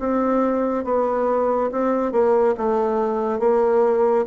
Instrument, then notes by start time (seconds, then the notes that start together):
bassoon
0.00 C4
0.85 B3
1.72 C4
2.13 A#3
2.58 A3
3.40 A#3